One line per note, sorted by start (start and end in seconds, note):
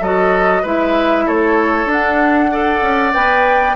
0.00 0.62 F#3
0.00 0.64 F#4
0.00 0.62 A4
0.00 0.65 D#5
0.62 1.26 G#3
0.62 1.86 E4
0.62 1.24 B4
0.62 1.28 E5
1.26 1.85 A3
1.26 2.51 A4
1.26 1.90 C#5
1.85 2.79 D4
1.85 2.49 D4
1.91 3.13 F#5
2.50 3.13 A4
2.50 3.75 D5
2.82 3.13 C#4
3.13 3.75 B3
3.13 3.75 B4
3.13 3.75 G5